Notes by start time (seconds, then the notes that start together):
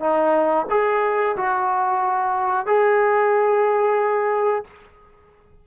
0.00 D#4
0.70 G#4
1.36 F#4
2.66 G#4